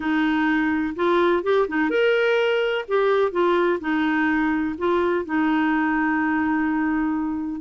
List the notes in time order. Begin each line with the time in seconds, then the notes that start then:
0.00 D#4
0.95 F4
1.43 G4
1.68 D#4
1.90 A#4
2.87 G4
3.31 F4
3.80 D#4
4.78 F4
5.25 D#4